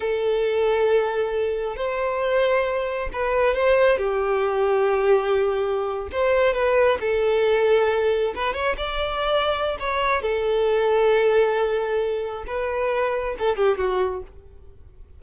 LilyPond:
\new Staff \with { instrumentName = "violin" } { \time 4/4 \tempo 4 = 135 a'1 | c''2. b'4 | c''4 g'2.~ | g'4.~ g'16 c''4 b'4 a'16~ |
a'2~ a'8. b'8 cis''8 d''16~ | d''2 cis''4 a'4~ | a'1 | b'2 a'8 g'8 fis'4 | }